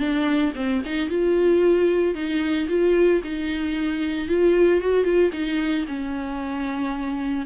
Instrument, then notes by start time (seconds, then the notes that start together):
viola
0.00 D4
0.56 C4
0.86 D#4
1.09 F4
2.15 D#4
2.69 F4
3.24 D#4
4.29 F4
4.81 F#4
5.05 F4
5.33 D#4
5.88 C#4